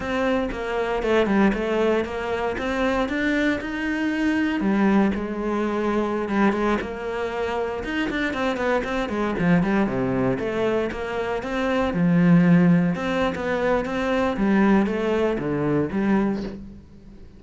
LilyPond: \new Staff \with { instrumentName = "cello" } { \time 4/4 \tempo 4 = 117 c'4 ais4 a8 g8 a4 | ais4 c'4 d'4 dis'4~ | dis'4 g4 gis2~ | gis16 g8 gis8 ais2 dis'8 d'16~ |
d'16 c'8 b8 c'8 gis8 f8 g8 c8.~ | c16 a4 ais4 c'4 f8.~ | f4~ f16 c'8. b4 c'4 | g4 a4 d4 g4 | }